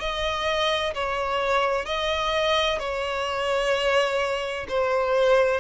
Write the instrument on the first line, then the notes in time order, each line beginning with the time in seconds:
violin
0.00 D#5
0.94 C#5
1.85 D#5
2.79 C#5
4.69 C5